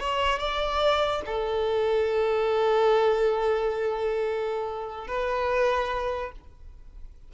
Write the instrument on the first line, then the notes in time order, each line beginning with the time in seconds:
violin
0.00 C#5
0.39 D5
1.26 A4
5.08 B4